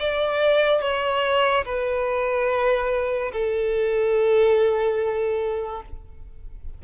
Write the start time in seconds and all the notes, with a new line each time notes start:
0.00 D5
0.82 C#5
1.66 B4
3.33 A4